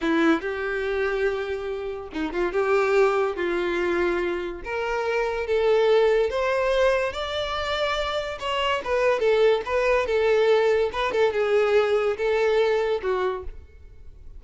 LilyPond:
\new Staff \with { instrumentName = "violin" } { \time 4/4 \tempo 4 = 143 e'4 g'2.~ | g'4 dis'8 f'8 g'2 | f'2. ais'4~ | ais'4 a'2 c''4~ |
c''4 d''2. | cis''4 b'4 a'4 b'4 | a'2 b'8 a'8 gis'4~ | gis'4 a'2 fis'4 | }